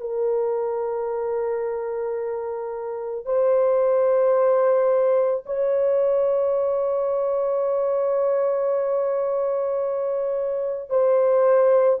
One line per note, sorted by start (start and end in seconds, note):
0.00 3.25 A#4
3.25 5.43 C5
5.45 10.89 C#5
10.89 11.99 C5